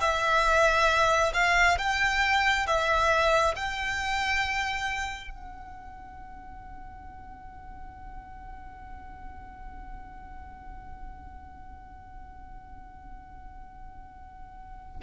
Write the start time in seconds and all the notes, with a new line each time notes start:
0.00 E5
1.34 F5
1.78 G5
2.67 E5
3.56 G5
5.31 F#5